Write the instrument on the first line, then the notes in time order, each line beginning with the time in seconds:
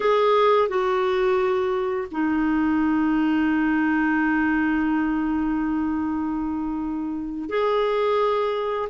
clarinet
0.00 G#4
0.68 F#4
2.11 D#4
7.49 G#4